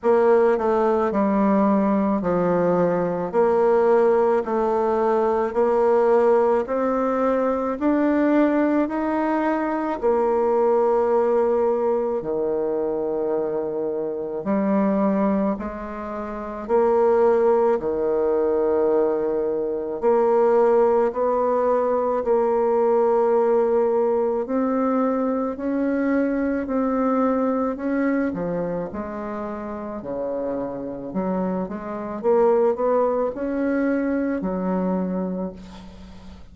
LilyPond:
\new Staff \with { instrumentName = "bassoon" } { \time 4/4 \tempo 4 = 54 ais8 a8 g4 f4 ais4 | a4 ais4 c'4 d'4 | dis'4 ais2 dis4~ | dis4 g4 gis4 ais4 |
dis2 ais4 b4 | ais2 c'4 cis'4 | c'4 cis'8 f8 gis4 cis4 | fis8 gis8 ais8 b8 cis'4 fis4 | }